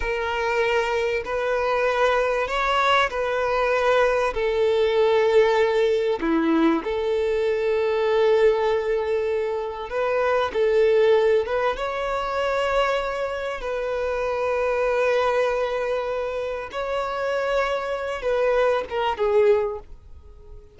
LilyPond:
\new Staff \with { instrumentName = "violin" } { \time 4/4 \tempo 4 = 97 ais'2 b'2 | cis''4 b'2 a'4~ | a'2 e'4 a'4~ | a'1 |
b'4 a'4. b'8 cis''4~ | cis''2 b'2~ | b'2. cis''4~ | cis''4. b'4 ais'8 gis'4 | }